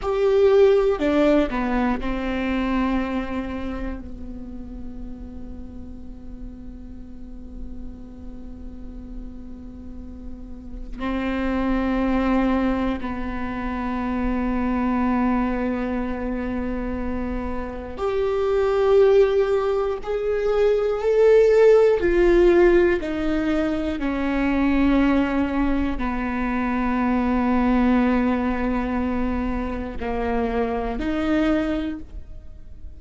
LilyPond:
\new Staff \with { instrumentName = "viola" } { \time 4/4 \tempo 4 = 60 g'4 d'8 b8 c'2 | b1~ | b2. c'4~ | c'4 b2.~ |
b2 g'2 | gis'4 a'4 f'4 dis'4 | cis'2 b2~ | b2 ais4 dis'4 | }